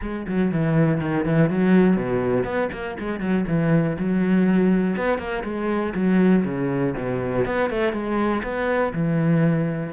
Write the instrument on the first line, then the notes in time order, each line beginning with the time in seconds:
cello
0.01 G#3
0.27 F#3
0.51 E3
1.00 D#3
1.25 E3
1.50 F#3
1.96 B2
2.44 B3
2.72 A#3
2.99 G#3
3.20 F#3
3.47 E3
3.98 F#3
4.97 B3
5.18 A#3
5.44 G#3
5.95 F#3
6.44 C#3
6.97 B2
7.45 B3
7.70 A3
7.92 G#3
8.43 B3
8.93 E3